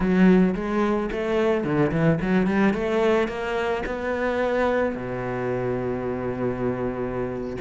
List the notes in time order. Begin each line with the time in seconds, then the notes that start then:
0.00 F#3
0.55 G#3
1.11 A3
1.63 D3
1.91 E3
2.21 F#3
2.46 G3
2.73 A3
3.28 A#3
3.86 B3
4.95 B2